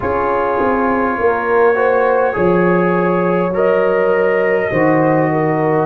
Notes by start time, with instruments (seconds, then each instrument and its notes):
0.00 tuba C#4, trombone F4, horn G#4, trumpet C#5
0.59 tuba C4
1.18 tuba A#3, horn A#4
1.75 trombone F#4, horn C5
2.33 tuba F3, trombone G#4, horn C#5
3.50 tuba F#3, trombone A#4
3.56 trumpet D#5
4.71 tuba D#3, trombone F#4, horn C5
5.31 horn A#4